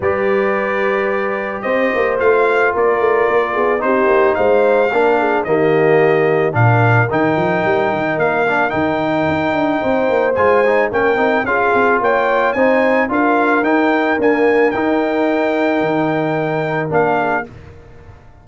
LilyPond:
<<
  \new Staff \with { instrumentName = "trumpet" } { \time 4/4 \tempo 4 = 110 d''2. dis''4 | f''4 d''2 c''4 | f''2 dis''2 | f''4 g''2 f''4 |
g''2. gis''4 | g''4 f''4 g''4 gis''4 | f''4 g''4 gis''4 g''4~ | g''2. f''4 | }
  \new Staff \with { instrumentName = "horn" } { \time 4/4 b'2. c''4~ | c''4 ais'4. gis'8 g'4 | c''4 ais'8 gis'8 g'2 | ais'1~ |
ais'2 c''2 | ais'4 gis'4 cis''4 c''4 | ais'1~ | ais'2.~ ais'8 gis'8 | }
  \new Staff \with { instrumentName = "trombone" } { \time 4/4 g'1 | f'2. dis'4~ | dis'4 d'4 ais2 | d'4 dis'2~ dis'8 d'8 |
dis'2. f'8 dis'8 | cis'8 dis'8 f'2 dis'4 | f'4 dis'4 ais4 dis'4~ | dis'2. d'4 | }
  \new Staff \with { instrumentName = "tuba" } { \time 4/4 g2. c'8 ais8 | a4 ais8 a8 ais8 b8 c'8 ais8 | gis4 ais4 dis2 | ais,4 dis8 f8 g8 dis8 ais4 |
dis4 dis'8 d'8 c'8 ais8 gis4 | ais8 c'8 cis'8 c'8 ais4 c'4 | d'4 dis'4 d'4 dis'4~ | dis'4 dis2 ais4 | }
>>